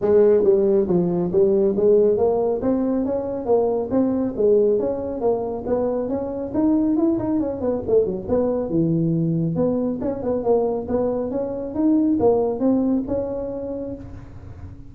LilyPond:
\new Staff \with { instrumentName = "tuba" } { \time 4/4 \tempo 4 = 138 gis4 g4 f4 g4 | gis4 ais4 c'4 cis'4 | ais4 c'4 gis4 cis'4 | ais4 b4 cis'4 dis'4 |
e'8 dis'8 cis'8 b8 a8 fis8 b4 | e2 b4 cis'8 b8 | ais4 b4 cis'4 dis'4 | ais4 c'4 cis'2 | }